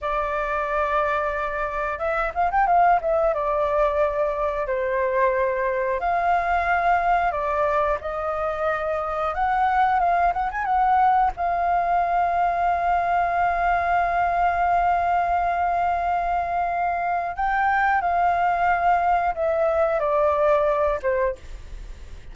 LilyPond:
\new Staff \with { instrumentName = "flute" } { \time 4/4 \tempo 4 = 90 d''2. e''8 f''16 g''16 | f''8 e''8 d''2 c''4~ | c''4 f''2 d''4 | dis''2 fis''4 f''8 fis''16 gis''16 |
fis''4 f''2.~ | f''1~ | f''2 g''4 f''4~ | f''4 e''4 d''4. c''8 | }